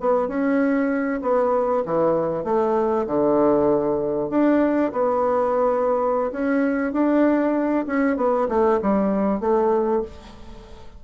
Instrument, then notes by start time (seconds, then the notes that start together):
bassoon
0.00 B3
0.28 C#4
1.22 B3
1.85 E3
2.44 A3
3.06 D3
4.30 D4
4.92 B3
6.31 C#4
6.93 D4
7.86 C#4
8.16 B3
8.49 A3
8.82 G3
9.40 A3